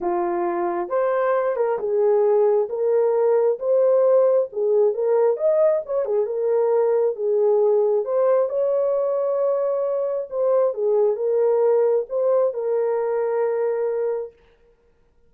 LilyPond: \new Staff \with { instrumentName = "horn" } { \time 4/4 \tempo 4 = 134 f'2 c''4. ais'8 | gis'2 ais'2 | c''2 gis'4 ais'4 | dis''4 cis''8 gis'8 ais'2 |
gis'2 c''4 cis''4~ | cis''2. c''4 | gis'4 ais'2 c''4 | ais'1 | }